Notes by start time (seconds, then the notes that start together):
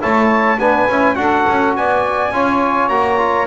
0.00 A3 E4 C#5 A5
0.59 B3 D4 B4 G#5
0.89 C#4 E4
1.15 D4 F#4 A4 F#5
1.49 C#4
1.76 B3 D5 G#5
2.31 C#4 F4 C#5
2.89 A#3 F#4 A#5
3.18 F4